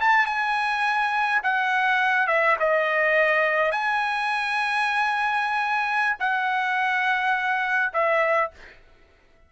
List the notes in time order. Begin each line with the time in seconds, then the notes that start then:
0.00 A5
0.26 G#5
1.43 F#5
2.27 E5
2.59 D#5
3.72 G#5
6.19 F#5
7.93 E5